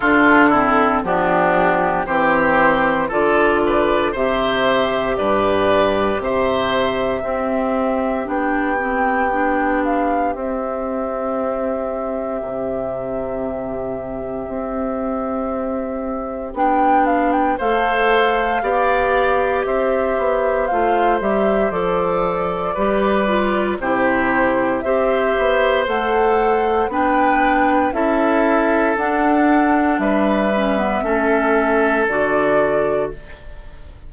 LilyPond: <<
  \new Staff \with { instrumentName = "flute" } { \time 4/4 \tempo 4 = 58 a'4 g'4 c''4 d''4 | e''4 d''4 e''2 | g''4. f''8 e''2~ | e''1 |
g''8 f''16 g''16 f''2 e''4 | f''8 e''8 d''2 c''4 | e''4 fis''4 g''4 e''4 | fis''4 e''2 d''4 | }
  \new Staff \with { instrumentName = "oboe" } { \time 4/4 f'8 e'8 d'4 g'4 a'8 b'8 | c''4 b'4 c''4 g'4~ | g'1~ | g'1~ |
g'4 c''4 d''4 c''4~ | c''2 b'4 g'4 | c''2 b'4 a'4~ | a'4 b'4 a'2 | }
  \new Staff \with { instrumentName = "clarinet" } { \time 4/4 d'8 c'8 b4 c'4 f'4 | g'2. c'4 | d'8 c'8 d'4 c'2~ | c'1 |
d'4 a'4 g'2 | f'8 g'8 a'4 g'8 f'8 e'4 | g'4 a'4 d'4 e'4 | d'4. cis'16 b16 cis'4 fis'4 | }
  \new Staff \with { instrumentName = "bassoon" } { \time 4/4 d4 f4 e4 d4 | c4 g,4 c4 c'4 | b2 c'2 | c2 c'2 |
b4 a4 b4 c'8 b8 | a8 g8 f4 g4 c4 | c'8 b8 a4 b4 cis'4 | d'4 g4 a4 d4 | }
>>